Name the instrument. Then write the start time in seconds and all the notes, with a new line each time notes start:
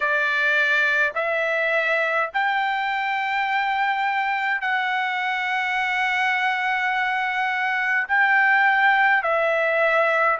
trumpet
0.00 D5
1.14 E5
2.33 G5
4.61 F#5
8.08 G5
9.23 E5